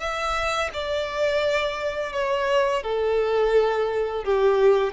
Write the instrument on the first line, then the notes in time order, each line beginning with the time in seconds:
violin
0.00 E5
0.73 D5
2.13 C#5
2.83 A4
4.25 G4